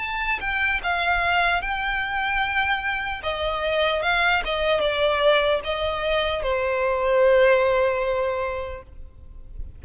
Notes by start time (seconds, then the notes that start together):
0.00 A5
0.41 G5
0.84 F5
1.62 G5
3.23 D#5
4.03 F5
4.45 D#5
4.81 D5
5.65 D#5
6.43 C5